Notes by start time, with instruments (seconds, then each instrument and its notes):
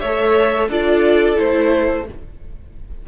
0.00 cello A3, viola A4, violin C#5 E5
0.68 cello D4, viola F4, violin A4 D5
1.36 cello A3, viola E4, violin C5